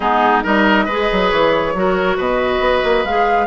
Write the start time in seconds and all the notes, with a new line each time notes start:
0.00 G#3 B3 D#4 G#4
0.43 G3 D#4 A#4 D#5
0.85 G#3 G#4 B4
1.12 F#3
1.30 E3 C#5
1.73 F#3 F#4 A#4
2.17 B2 B4 D#5
2.60 B3
2.84 A#3
3.04 G#3 G#4 F5